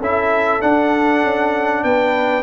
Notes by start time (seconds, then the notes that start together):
0.00 C#4 E4 A4 E5
0.61 D4 F#5
1.23 C#4
1.84 B3 B4 G5